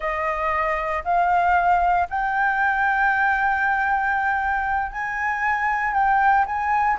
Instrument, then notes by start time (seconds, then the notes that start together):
flute
0.00 D#5
1.04 F5
2.09 G5
4.92 G#5
5.93 G5
6.46 G#5